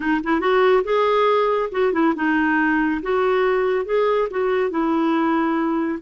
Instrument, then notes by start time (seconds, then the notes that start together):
clarinet
0.00 D#4
0.23 E4
0.40 F#4
0.84 G#4
1.71 F#4
1.92 E4
2.15 D#4
3.02 F#4
3.85 G#4
4.30 F#4
4.70 E4